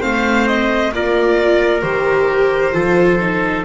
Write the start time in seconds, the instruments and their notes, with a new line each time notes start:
0.00 double bass A3, viola C4, trumpet C5, violin F5
0.47 violin D#5
0.91 double bass A#3, viola F4, trumpet A#4, violin D5
1.81 double bass D#3, viola G4, violin C5
2.72 double bass F3, viola F4, trumpet A4
3.20 viola D#4